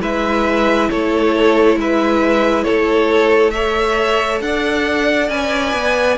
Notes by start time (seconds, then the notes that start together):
0.00 G#3 E4 B4 E5
0.90 A3 A4 C#5
1.75 G#3 B4 E5
2.63 A3 A4 C#5
3.50 A4 C#5 E5
4.41 D4 D5 F#5
5.29 C#4 B4 G#5
5.73 B3